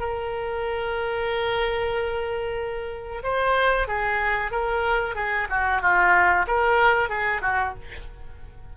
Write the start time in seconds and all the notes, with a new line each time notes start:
0.00 A#4
3.24 C5
3.88 G#4
4.52 A#4
5.16 G#4
5.50 F#4
5.82 F4
6.48 A#4
7.10 G#4
7.42 F#4